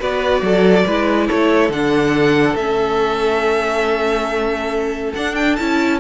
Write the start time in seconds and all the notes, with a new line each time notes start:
0.00 B3 F#4 B4 D5
0.42 F#3 A4
0.87 G#3 E4 B4
1.28 A3 A4 C#5
1.69 D3 D4 F#5
2.56 A3 C#4 E5
5.15 D4 F#5
5.35 G5
5.56 C#4 E4 A5